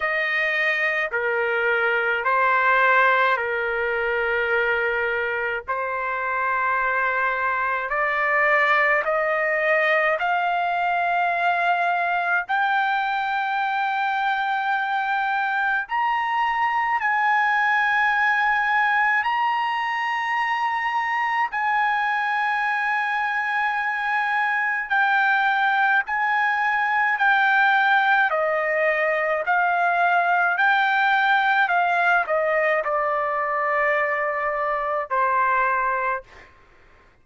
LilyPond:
\new Staff \with { instrumentName = "trumpet" } { \time 4/4 \tempo 4 = 53 dis''4 ais'4 c''4 ais'4~ | ais'4 c''2 d''4 | dis''4 f''2 g''4~ | g''2 ais''4 gis''4~ |
gis''4 ais''2 gis''4~ | gis''2 g''4 gis''4 | g''4 dis''4 f''4 g''4 | f''8 dis''8 d''2 c''4 | }